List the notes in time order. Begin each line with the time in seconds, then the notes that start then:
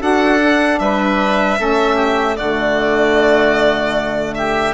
0.00 D4 F#4 A4 F#5
0.40 D4
0.79 G3 B4 E5
1.58 A3 C#4 A4
1.96 G4
2.37 D3 A3 F#4 D5
4.35 G4 E5